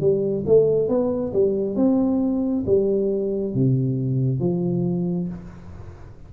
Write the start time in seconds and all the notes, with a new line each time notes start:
0.00 G3
0.47 A3
0.89 B3
1.33 G3
1.76 C4
2.66 G3
3.54 C3
4.40 F3